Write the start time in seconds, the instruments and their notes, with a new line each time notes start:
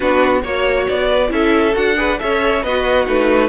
0.00 cello B3, viola D4, violin F#4 B4
0.42 cello A#3, viola F#4, violin C#5
0.87 cello B3, violin D5
1.08 violin B4
1.27 cello C#4, viola E4, violin A4 E5
1.73 cello D4, viola F#4, violin F#5
1.96 viola G#4, violin B4
2.19 cello C#4, viola A4, violin C#5 E5
2.62 cello B3, violin F#4 D#5, viola B4
3.05 cello A3, viola D#4, violin B4